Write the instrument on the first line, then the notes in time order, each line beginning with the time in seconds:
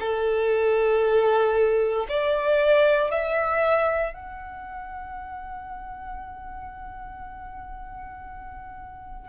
violin
0.00 A4
2.09 D5
3.11 E5
4.14 F#5